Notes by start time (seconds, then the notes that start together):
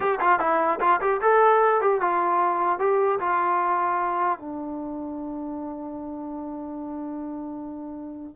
0.00 G4
0.20 F4
0.39 E4
0.80 F4
1.00 G4
1.21 A4
1.81 G4
2.00 F4
2.79 G4
3.19 F4
4.39 D4